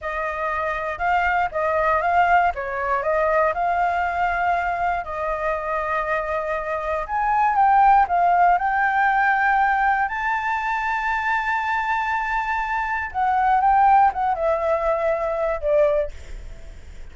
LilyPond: \new Staff \with { instrumentName = "flute" } { \time 4/4 \tempo 4 = 119 dis''2 f''4 dis''4 | f''4 cis''4 dis''4 f''4~ | f''2 dis''2~ | dis''2 gis''4 g''4 |
f''4 g''2. | a''1~ | a''2 fis''4 g''4 | fis''8 e''2~ e''8 d''4 | }